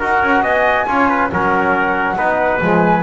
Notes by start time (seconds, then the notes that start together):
0.00 D#4 F#4 A#4 F#5
0.23 C#4
0.42 B3 D#5 G#5
0.87 C#4 F4 C#5
1.09 B4
1.31 F#3 C#4 A#4 F#5
2.17 B3 D#4 B4
2.61 F3 G#3 G#5